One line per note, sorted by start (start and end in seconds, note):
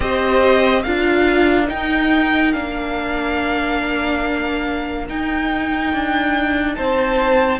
0.00 0.85 C4
0.00 0.83 G4
0.00 0.83 C5
0.00 0.82 D#5
0.82 1.71 D4
0.82 1.66 F4
0.82 6.75 A#4
0.82 1.66 F5
1.66 2.50 D#4
1.66 2.55 D#4
1.66 2.52 G5
2.52 5.08 A#3
2.52 5.07 D4
2.52 5.06 F5
5.08 7.60 D#4
5.08 5.93 D#4
5.08 6.74 G5
5.93 6.77 D4
6.74 7.60 C4
6.74 7.60 C5
6.74 7.59 A5